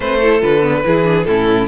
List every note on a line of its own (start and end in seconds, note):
0.00 0.42 A3
0.00 0.20 C4
0.00 0.18 B4
0.00 0.41 C5
0.18 0.40 E4
0.18 0.81 A4
0.40 0.84 D3
0.40 0.61 F4
0.40 1.24 B4
0.61 0.82 B3
0.83 1.25 E3
0.83 1.04 E4
0.83 1.27 G#4
1.04 1.25 D4
1.24 1.67 A2
1.24 1.68 C#4
1.24 1.68 E4
1.24 1.66 A4